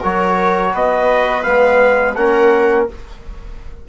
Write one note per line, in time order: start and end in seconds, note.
0.00 0.74 F#3
0.00 1.43 F#4
0.00 0.71 A#4
0.00 0.75 C#5
0.73 1.45 B3
0.73 2.16 B4
0.73 1.43 D#5
1.43 2.16 G#3
1.43 2.14 B3
1.43 2.14 F5
2.15 2.88 A#3
2.15 2.88 C#4
2.15 2.88 A#4
2.15 2.86 F#5